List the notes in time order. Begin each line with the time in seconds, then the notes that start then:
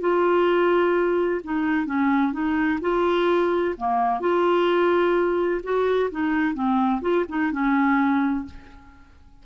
0.00 F4
1.44 D#4
1.86 C#4
2.32 D#4
2.81 F4
3.77 A#3
4.20 F4
5.63 F#4
6.11 D#4
6.54 C4
7.01 F4
7.29 D#4
7.52 C#4